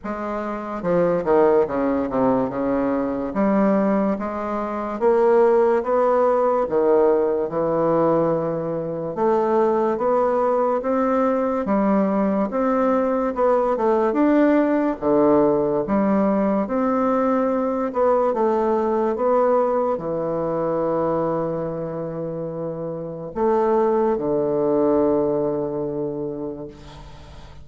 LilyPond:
\new Staff \with { instrumentName = "bassoon" } { \time 4/4 \tempo 4 = 72 gis4 f8 dis8 cis8 c8 cis4 | g4 gis4 ais4 b4 | dis4 e2 a4 | b4 c'4 g4 c'4 |
b8 a8 d'4 d4 g4 | c'4. b8 a4 b4 | e1 | a4 d2. | }